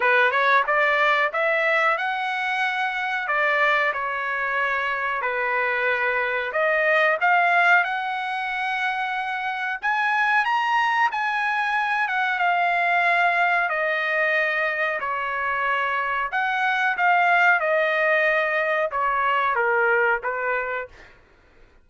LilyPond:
\new Staff \with { instrumentName = "trumpet" } { \time 4/4 \tempo 4 = 92 b'8 cis''8 d''4 e''4 fis''4~ | fis''4 d''4 cis''2 | b'2 dis''4 f''4 | fis''2. gis''4 |
ais''4 gis''4. fis''8 f''4~ | f''4 dis''2 cis''4~ | cis''4 fis''4 f''4 dis''4~ | dis''4 cis''4 ais'4 b'4 | }